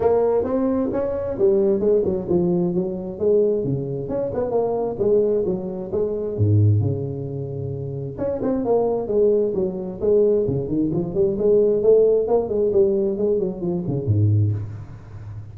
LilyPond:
\new Staff \with { instrumentName = "tuba" } { \time 4/4 \tempo 4 = 132 ais4 c'4 cis'4 g4 | gis8 fis8 f4 fis4 gis4 | cis4 cis'8 b8 ais4 gis4 | fis4 gis4 gis,4 cis4~ |
cis2 cis'8 c'8 ais4 | gis4 fis4 gis4 cis8 dis8 | f8 g8 gis4 a4 ais8 gis8 | g4 gis8 fis8 f8 cis8 gis,4 | }